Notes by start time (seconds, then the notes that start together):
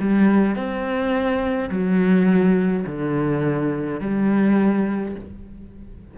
0.00 G3
0.56 C4
1.70 F#3
2.86 D3
4.01 G3